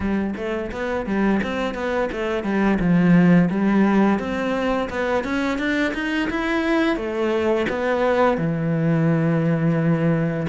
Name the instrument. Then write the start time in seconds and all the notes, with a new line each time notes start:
cello
0.00 G3
0.36 A3
0.71 B3
1.06 G3
1.43 C4
1.74 B3
2.12 A3
2.43 G3
2.79 F3
3.49 G3
4.19 C4
4.89 B3
5.24 C#4
5.58 D4
5.94 D#4
6.29 E4
6.96 A3
7.69 B3
8.37 E3